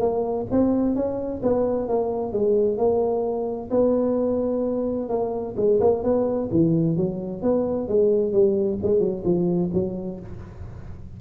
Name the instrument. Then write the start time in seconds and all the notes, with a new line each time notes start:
tuba
0.00 A#3
0.51 C4
0.95 C#4
1.42 B3
1.88 A#3
2.32 G#3
2.78 A#3
3.71 B3
5.09 A#3
5.57 G#3
5.81 A#3
6.03 B3
6.51 E3
6.97 F#3
7.42 B3
7.88 G#3
8.32 G3
8.83 G#3
9.00 F#3
9.25 F3
9.73 F#3